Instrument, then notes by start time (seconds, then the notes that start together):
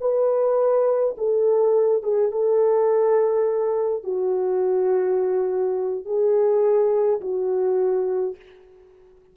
horn
0.00 B4
1.17 A4
2.02 G#4
2.32 A4
4.04 F#4
6.05 G#4
7.21 F#4